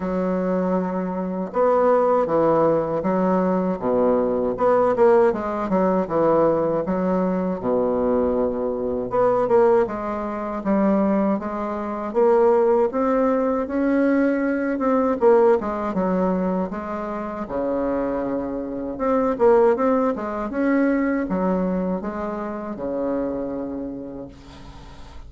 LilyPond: \new Staff \with { instrumentName = "bassoon" } { \time 4/4 \tempo 4 = 79 fis2 b4 e4 | fis4 b,4 b8 ais8 gis8 fis8 | e4 fis4 b,2 | b8 ais8 gis4 g4 gis4 |
ais4 c'4 cis'4. c'8 | ais8 gis8 fis4 gis4 cis4~ | cis4 c'8 ais8 c'8 gis8 cis'4 | fis4 gis4 cis2 | }